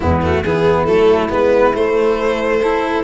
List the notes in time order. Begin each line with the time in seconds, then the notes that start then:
0.00 E2 G#3 B3 E4
0.22 A3 F#4
0.43 E3 B3 E4 G#4
0.85 F#3 A3 A4
1.29 G#3 B3 B4
1.74 A3 C5
2.60 E4 A4